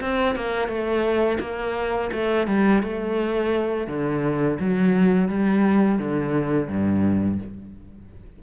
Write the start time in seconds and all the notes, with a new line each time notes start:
0.00 C4
0.35 A#3
0.68 A3
1.40 A#3
2.12 A3
2.47 G3
2.82 A3
3.87 D3
4.59 F#3
5.28 G3
5.98 D3
6.67 G2